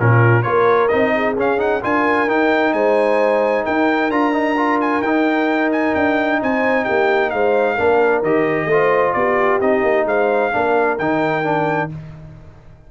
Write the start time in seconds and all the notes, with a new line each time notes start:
0.00 A#2 C#4 F4 A#4
0.43 A#3 F4 A#4 C#5
0.88 C4 D#4 D#5
1.15 G#4
1.37 C#4 F5
1.58 D#4 F#5
1.82 D4 F4 A#4 G#5
2.27 D#4 G5
2.73 G#3 C5 G#5
3.65 D#4 A#4 G5
4.10 D4 F4 A#5
4.33 D#4
4.57 F4
4.81 G#5
5.02 D#4 G5
5.72 G#5
5.95 D4 G5
6.42 C4 C5 G#5
6.84 A#3 G4 G5
7.30 G#3 C5 F5
7.75 A#3 D4 A#4
8.22 D#3 G4 D#5
8.66 A3 F4
8.72 C5
9.13 B3 G4 D5
9.61 C4 D#4 D#5
9.83 A#3
10.05 G#3 C5 F5
10.52 A#3 D4 A#4
10.98 D#3 D#4 G5
11.44 D4